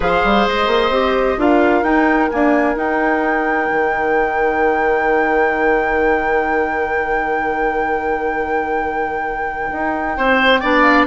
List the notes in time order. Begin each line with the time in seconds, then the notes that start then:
0.00 F3 G#4 C5 F5
0.24 G3
0.47 G#3 D#5
0.67 A#3
0.89 C4 G4
1.37 D4 F4 A#4 F5
1.82 D#4 G5
2.30 A#3 D4 G#5
2.74 D#4 G5
3.71 D#3
9.71 D#4
10.17 C4 C5
10.60 B3 D4 D5
10.81 F5